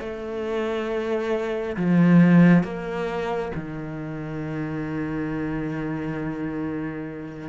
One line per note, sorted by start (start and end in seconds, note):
0.00 1.76 A3
1.77 2.64 F3
2.64 3.52 A#3
3.55 7.49 D#3